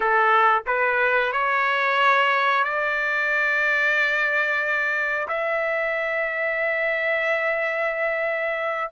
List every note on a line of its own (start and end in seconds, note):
0.00 0.63 A4
0.66 1.32 B4
1.32 2.63 C#5
2.63 5.27 D5
5.28 8.90 E5